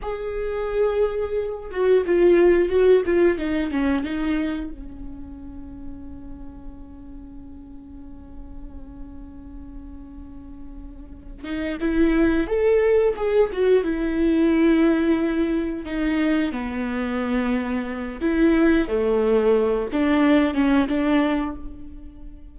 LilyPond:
\new Staff \with { instrumentName = "viola" } { \time 4/4 \tempo 4 = 89 gis'2~ gis'8 fis'8 f'4 | fis'8 f'8 dis'8 cis'8 dis'4 cis'4~ | cis'1~ | cis'1~ |
cis'4 dis'8 e'4 a'4 gis'8 | fis'8 e'2. dis'8~ | dis'8 b2~ b8 e'4 | a4. d'4 cis'8 d'4 | }